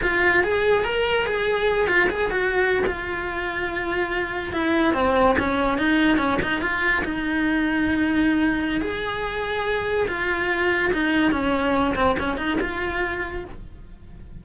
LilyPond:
\new Staff \with { instrumentName = "cello" } { \time 4/4 \tempo 4 = 143 f'4 gis'4 ais'4 gis'4~ | gis'8 f'8 gis'8 fis'4~ fis'16 f'4~ f'16~ | f'2~ f'8. e'4 c'16~ | c'8. cis'4 dis'4 cis'8 dis'8 f'16~ |
f'8. dis'2.~ dis'16~ | dis'4 gis'2. | f'2 dis'4 cis'4~ | cis'8 c'8 cis'8 dis'8 f'2 | }